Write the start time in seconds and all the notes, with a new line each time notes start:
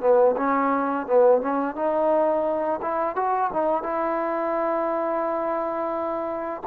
0.00 B3
0.36 C#4
1.06 B3
1.41 C#4
1.75 D#4
2.81 E4
3.16 F#4
3.52 D#4
3.82 E4